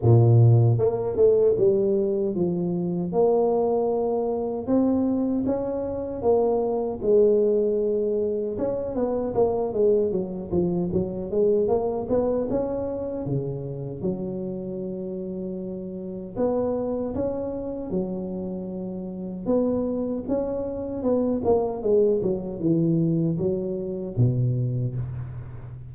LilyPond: \new Staff \with { instrumentName = "tuba" } { \time 4/4 \tempo 4 = 77 ais,4 ais8 a8 g4 f4 | ais2 c'4 cis'4 | ais4 gis2 cis'8 b8 | ais8 gis8 fis8 f8 fis8 gis8 ais8 b8 |
cis'4 cis4 fis2~ | fis4 b4 cis'4 fis4~ | fis4 b4 cis'4 b8 ais8 | gis8 fis8 e4 fis4 b,4 | }